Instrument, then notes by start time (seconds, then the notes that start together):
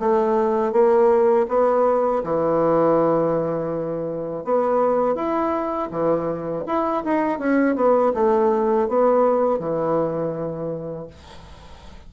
bassoon
0.00 A3
0.73 A#3
1.49 B3
2.24 E3
4.44 B3
5.15 E4
5.91 E3
6.67 E4
7.05 D#4
7.39 C#4
7.76 B3
8.14 A3
8.89 B3
9.59 E3